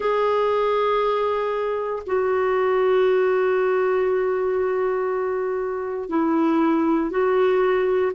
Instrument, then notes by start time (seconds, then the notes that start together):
clarinet
0.00 G#4
2.06 F#4
6.09 E4
7.10 F#4